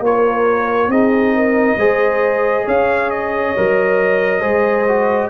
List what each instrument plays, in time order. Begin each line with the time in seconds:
0.00 tuba A#3, trombone F4, horn A#4, trumpet C#5
0.88 tuba C4, trombone D#4, horn G#4, trumpet D#5
1.35 horn A#4
1.77 tuba G#3, trombone G#4, horn C5
2.65 tuba C#4, horn C#5, trumpet F5
3.10 trumpet D#5
3.56 tuba F#3, trombone A#4
4.41 tuba G#3, trombone G#4, horn C5
4.88 trombone F#4